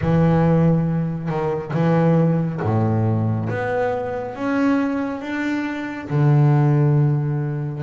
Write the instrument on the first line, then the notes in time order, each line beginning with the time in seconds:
double bass
0.01 E3
1.28 D#3
1.73 E3
2.61 A2
3.49 B3
4.35 C#4
5.21 D4
6.09 D3